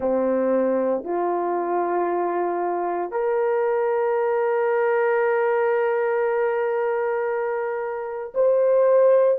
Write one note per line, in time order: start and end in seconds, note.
0.00 1.04 C4
1.04 3.11 F4
3.11 8.32 A#4
8.34 9.38 C5